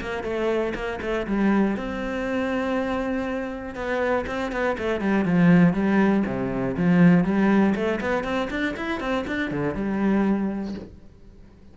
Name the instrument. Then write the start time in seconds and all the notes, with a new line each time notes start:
cello
0.00 A#3
0.23 A3
0.74 A#3
1.01 A3
1.27 G3
1.76 C4
3.75 B3
4.26 C4
4.51 B3
4.78 A3
5.00 G3
5.25 F3
5.73 G3
6.26 C3
6.76 F3
7.24 G3
7.75 A3
8.00 B3
8.23 C4
8.50 D4
8.76 E4
9.00 C4
9.27 D4
9.50 D3
9.74 G3